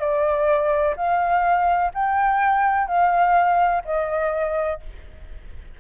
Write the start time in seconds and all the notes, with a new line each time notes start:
0.00 D5
0.97 F5
1.94 G5
2.87 F5
3.85 D#5